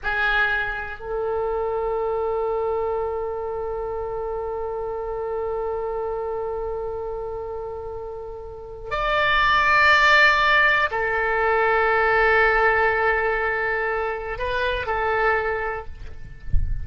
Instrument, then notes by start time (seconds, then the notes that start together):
oboe
0.03 G#4
0.99 A4
8.91 D5
10.91 A4
14.38 B4
14.86 A4